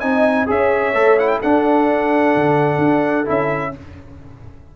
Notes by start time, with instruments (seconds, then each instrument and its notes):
0.00 tuba C4, trombone D#4, horn D#5, trumpet G#5
0.47 tuba C#4, trombone G#4, horn C#5, trumpet E5
0.94 tuba A3, trombone A4
1.19 trombone E4, trumpet F#5
1.28 trumpet G5
1.40 trombone D4, tuba D4, horn A4, trumpet F#5
2.36 tuba D3
2.78 tuba D4
3.25 tuba C#4, trombone E4, trumpet E5